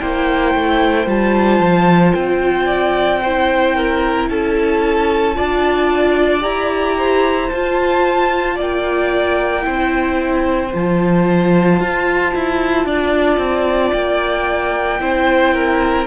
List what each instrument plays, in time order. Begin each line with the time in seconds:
0.00 cello A#3, viola E4, violin C5 G5
0.54 cello A3
1.06 cello G3, viola F4, violin A5
1.59 cello F3
2.14 cello C4, violin G5
2.66 violin D5
3.23 viola E4, violin C5
3.76 violin A#4
4.29 cello C#4, violin A4 A5
5.35 cello D4, viola F4, violin D5
6.40 cello E4, viola G4, violin A#5
6.97 violin C5
7.49 cello F4, viola F4, violin A5
8.55 cello A#3, violin D5 G5
9.61 cello C4, viola E4, violin C5
10.72 cello F3, viola F4, violin A5
11.80 cello F4
12.34 cello E4
12.85 cello D4, violin D5
13.37 cello C4
13.93 cello A#3, violin G5
14.99 cello C4, viola E4, violin C5
15.54 violin A#4